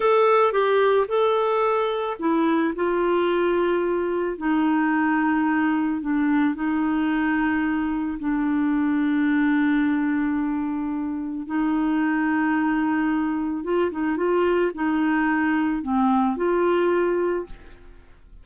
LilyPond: \new Staff \with { instrumentName = "clarinet" } { \time 4/4 \tempo 4 = 110 a'4 g'4 a'2 | e'4 f'2. | dis'2. d'4 | dis'2. d'4~ |
d'1~ | d'4 dis'2.~ | dis'4 f'8 dis'8 f'4 dis'4~ | dis'4 c'4 f'2 | }